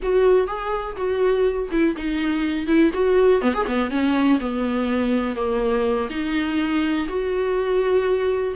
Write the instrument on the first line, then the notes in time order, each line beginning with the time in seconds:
viola
0.02 F#4
0.47 G#4
0.96 F#4
1.71 E4
1.96 D#4
2.67 E4
2.93 F#4
3.41 B3
3.53 G#4
3.66 B3
3.90 C#4
4.39 B3
5.35 A#3
6.10 D#4
7.08 F#4